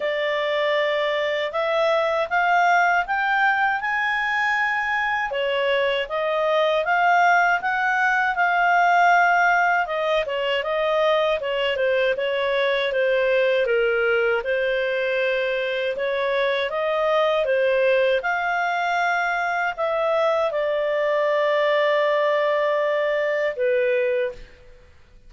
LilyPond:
\new Staff \with { instrumentName = "clarinet" } { \time 4/4 \tempo 4 = 79 d''2 e''4 f''4 | g''4 gis''2 cis''4 | dis''4 f''4 fis''4 f''4~ | f''4 dis''8 cis''8 dis''4 cis''8 c''8 |
cis''4 c''4 ais'4 c''4~ | c''4 cis''4 dis''4 c''4 | f''2 e''4 d''4~ | d''2. b'4 | }